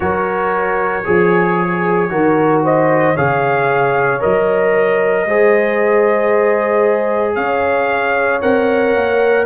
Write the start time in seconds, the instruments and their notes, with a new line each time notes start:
0.00 tuba F#3, trombone F#4, horn A#4, trumpet C#5
1.04 tuba F3, horn G#4, trombone G#4
2.09 tuba D#3, trombone F#4, horn A#4
2.63 horn C5, trumpet D#5
3.14 tuba C#3, trombone G#4, horn C#5, trumpet F5
4.20 tuba F#3, trombone A#4, trumpet D#5
5.26 tuba G#3, trombone G#4, horn C5
7.35 tuba C#4, horn C#5, trumpet F5
8.41 tuba C4, trombone A#4, trumpet F#5
8.95 tuba A#3